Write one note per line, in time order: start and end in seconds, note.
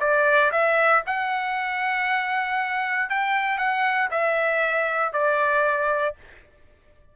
0.00 0.51 D5
0.52 1.03 E5
1.07 3.10 F#5
3.10 3.58 G5
3.58 4.09 F#5
4.11 5.13 E5
5.13 6.15 D5